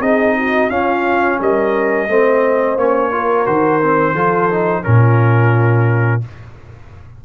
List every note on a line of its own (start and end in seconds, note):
0.00 0.69 C4
0.00 0.70 D#4
0.00 0.36 G#4
0.00 0.70 D#5
0.37 0.70 F#4
0.70 1.39 C#4
0.70 2.08 C#4
0.70 1.39 F4
0.70 1.39 F5
1.39 2.08 G3
1.39 2.08 A#4
1.39 2.78 D#5
2.08 2.77 A3
2.08 2.78 C4
2.08 3.13 C5
2.77 3.46 A#3
2.77 3.12 C#4
2.77 3.46 C#5
3.12 3.46 F4
3.12 4.13 A#4
3.46 4.14 D#3
3.46 3.81 F#4
3.46 4.83 C5
3.82 4.16 C4
4.13 4.83 F3
4.13 4.50 F4
4.13 4.82 A4
4.51 4.84 D#4
4.83 6.25 A#2
4.83 6.22 C#4
4.83 6.24 F4
4.83 6.21 A#4